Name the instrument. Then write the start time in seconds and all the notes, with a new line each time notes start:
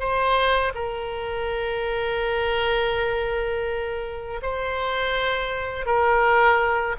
oboe
0.00 C5
0.75 A#4
4.43 C5
5.86 A#4